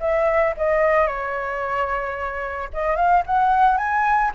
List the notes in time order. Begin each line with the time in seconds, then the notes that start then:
0.00 E5
0.57 D#5
1.07 C#5
2.73 D#5
2.96 F5
3.26 F#5
3.77 G#5